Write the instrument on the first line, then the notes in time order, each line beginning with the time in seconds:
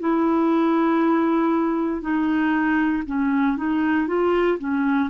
clarinet
0.00 E4
2.01 D#4
3.06 C#4
3.57 D#4
4.07 F4
4.59 C#4